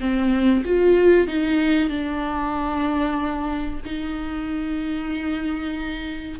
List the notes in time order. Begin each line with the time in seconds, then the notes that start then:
0.00 C4
0.65 F4
1.27 D#4
1.89 D4
3.85 D#4